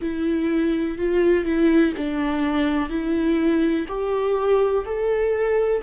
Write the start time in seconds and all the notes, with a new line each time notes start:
0.01 E4
0.98 F4
1.44 E4
1.97 D4
2.89 E4
3.88 G4
4.85 A4